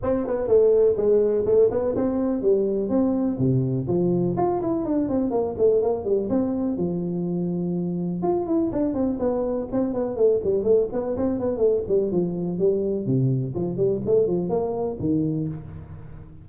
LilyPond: \new Staff \with { instrumentName = "tuba" } { \time 4/4 \tempo 4 = 124 c'8 b8 a4 gis4 a8 b8 | c'4 g4 c'4 c4 | f4 f'8 e'8 d'8 c'8 ais8 a8 | ais8 g8 c'4 f2~ |
f4 f'8 e'8 d'8 c'8 b4 | c'8 b8 a8 g8 a8 b8 c'8 b8 | a8 g8 f4 g4 c4 | f8 g8 a8 f8 ais4 dis4 | }